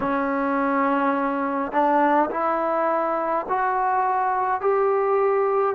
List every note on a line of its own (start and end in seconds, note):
0.00 1.72 C#4
1.72 2.29 D4
2.30 3.46 E4
3.48 4.60 F#4
4.60 5.75 G4